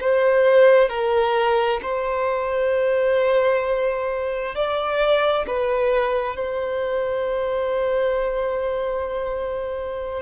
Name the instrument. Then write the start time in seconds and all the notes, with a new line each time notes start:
violin
0.00 C5
0.89 A#4
1.82 C5
4.55 D5
5.47 B4
6.36 C5